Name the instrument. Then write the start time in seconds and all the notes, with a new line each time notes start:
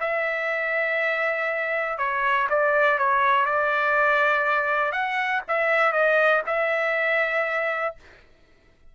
trumpet
0.00 E5
1.98 C#5
2.50 D5
2.98 C#5
3.46 D5
4.92 F#5
5.48 E5
5.92 D#5
6.46 E5